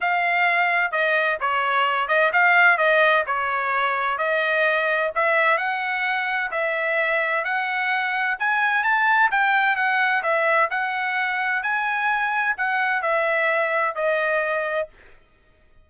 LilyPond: \new Staff \with { instrumentName = "trumpet" } { \time 4/4 \tempo 4 = 129 f''2 dis''4 cis''4~ | cis''8 dis''8 f''4 dis''4 cis''4~ | cis''4 dis''2 e''4 | fis''2 e''2 |
fis''2 gis''4 a''4 | g''4 fis''4 e''4 fis''4~ | fis''4 gis''2 fis''4 | e''2 dis''2 | }